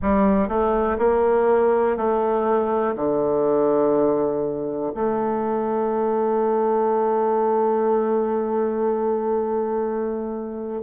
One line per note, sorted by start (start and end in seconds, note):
0.01 0.48 G3
0.48 0.97 A3
0.98 1.96 A#3
1.96 2.95 A3
2.95 4.92 D3
4.94 10.82 A3